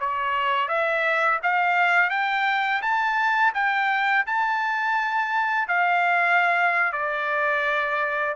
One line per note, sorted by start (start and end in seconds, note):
0.00 0.68 C#5
0.68 1.40 E5
1.43 2.10 F5
2.10 2.82 G5
2.82 3.53 A5
3.54 4.25 G5
4.27 5.68 A5
5.68 6.93 F5
6.93 8.35 D5